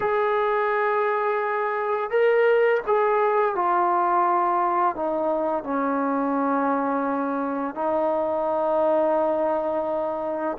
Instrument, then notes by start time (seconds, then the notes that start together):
trombone
0.00 G#4
2.10 A#4
2.87 G#4
3.55 F4
4.95 D#4
5.63 C#4
7.74 D#4